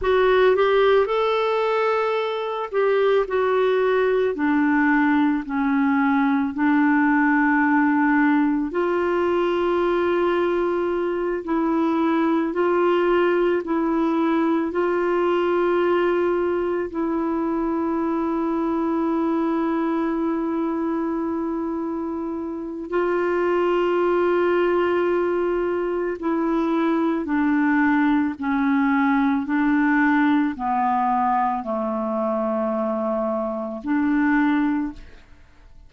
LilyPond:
\new Staff \with { instrumentName = "clarinet" } { \time 4/4 \tempo 4 = 55 fis'8 g'8 a'4. g'8 fis'4 | d'4 cis'4 d'2 | f'2~ f'8 e'4 f'8~ | f'8 e'4 f'2 e'8~ |
e'1~ | e'4 f'2. | e'4 d'4 cis'4 d'4 | b4 a2 d'4 | }